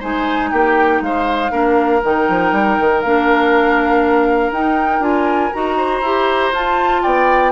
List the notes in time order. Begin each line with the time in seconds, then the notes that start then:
0.00 G#3 D#4 C5 G#5
0.52 A#3 G4 G5
1.01 G#3 C5 F5
1.51 A#3 D4 A#4
2.04 D#3 D#4 G5
2.29 F3
2.52 G3
2.80 D#3
3.01 A#3 D4 F5
4.51 D#4 G5
5.00 D4 F4 G#5
5.53 D#4 F#4 A#5
5.78 C5
6.02 E4 G4
6.52 F4 A5
7.03 B3 D5 G5